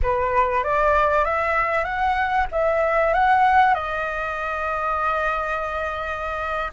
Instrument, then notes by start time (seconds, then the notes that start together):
flute
0.02 B4
0.63 D5
1.24 E5
1.84 F#5
2.51 E5
3.13 F#5
3.74 D#5